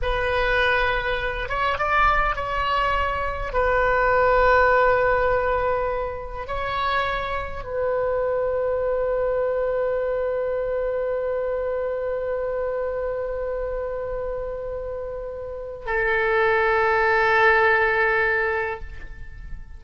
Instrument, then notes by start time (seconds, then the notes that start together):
oboe
0.02 B4
1.48 C#5
1.78 D5
2.35 C#5
3.53 B4
6.47 C#5
7.64 B4
15.86 A4